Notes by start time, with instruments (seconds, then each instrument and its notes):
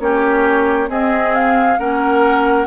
0.00 bassoon A#3, clarinet C#4, oboe G4, flute C#5
0.88 clarinet C4, bassoon C4, oboe G#4, flute D#5
1.35 flute F5
1.79 bassoon A#3, clarinet C#4, oboe A#4, flute F#5